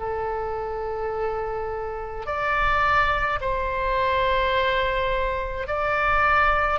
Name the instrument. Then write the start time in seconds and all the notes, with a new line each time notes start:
oboe
0.00 A4
2.26 D5
3.41 C5
5.68 D5